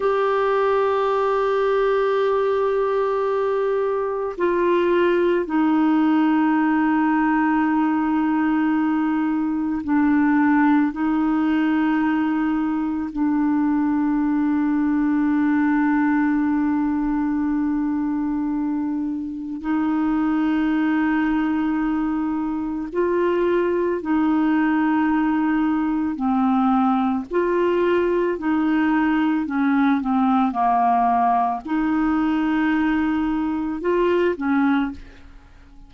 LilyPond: \new Staff \with { instrumentName = "clarinet" } { \time 4/4 \tempo 4 = 55 g'1 | f'4 dis'2.~ | dis'4 d'4 dis'2 | d'1~ |
d'2 dis'2~ | dis'4 f'4 dis'2 | c'4 f'4 dis'4 cis'8 c'8 | ais4 dis'2 f'8 cis'8 | }